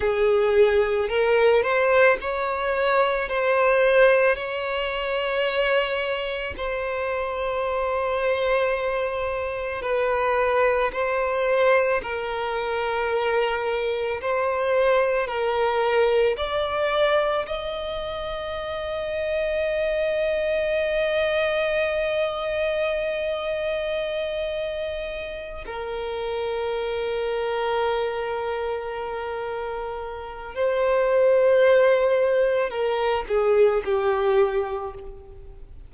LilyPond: \new Staff \with { instrumentName = "violin" } { \time 4/4 \tempo 4 = 55 gis'4 ais'8 c''8 cis''4 c''4 | cis''2 c''2~ | c''4 b'4 c''4 ais'4~ | ais'4 c''4 ais'4 d''4 |
dis''1~ | dis''2.~ dis''8 ais'8~ | ais'1 | c''2 ais'8 gis'8 g'4 | }